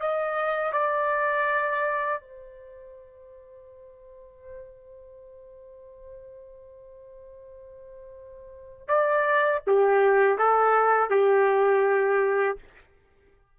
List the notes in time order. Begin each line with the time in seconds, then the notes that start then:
0.00 D#5
0.73 D5
2.21 C5
8.88 D5
9.67 G4
10.38 A4
11.10 G4